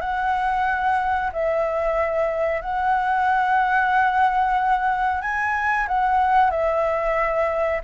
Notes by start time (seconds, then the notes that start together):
0.00 F#5
1.32 E5
2.61 F#5
5.21 G#5
5.88 F#5
6.50 E5